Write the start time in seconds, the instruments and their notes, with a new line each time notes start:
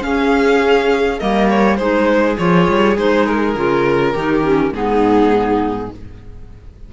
0.00 clarinet C#4, cello C#4, viola G#4, violin F5
1.20 cello G3, clarinet A#3, viola A#4, violin D#5
1.50 violin C#5
1.77 cello G#3, clarinet D#4, viola G#4, violin C5
2.37 cello F3, clarinet F4, violin C#5
2.69 cello G3
2.97 cello G#3, clarinet D#4, violin C5
3.26 violin A#4
3.56 cello C#3, clarinet F4
4.13 cello D#3, clarinet D#4, viola G4
4.43 clarinet C#4
4.72 cello G#2, clarinet B3, viola D#4, violin G#4